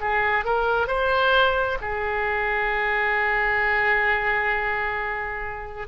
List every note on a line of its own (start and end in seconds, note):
0.00 0.45 G#4
0.45 0.87 A#4
0.87 1.78 C5
1.81 5.88 G#4